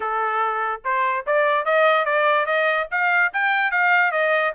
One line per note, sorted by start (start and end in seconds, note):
0.00 0.81 A4
0.84 1.25 C5
1.26 1.65 D5
1.65 2.05 D#5
2.05 2.45 D5
2.45 2.87 D#5
2.91 3.32 F5
3.33 3.71 G5
3.71 4.11 F5
4.11 4.53 D#5